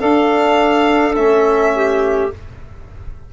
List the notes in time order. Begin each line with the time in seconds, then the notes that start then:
0.00 D4 A4 F5
1.16 A3 C#4 E5
1.75 G4